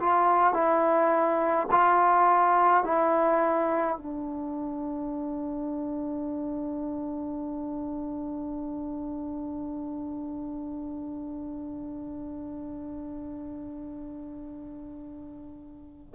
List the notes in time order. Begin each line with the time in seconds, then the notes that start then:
0.00 F4
0.54 E4
1.71 F4
2.84 E4
3.97 D4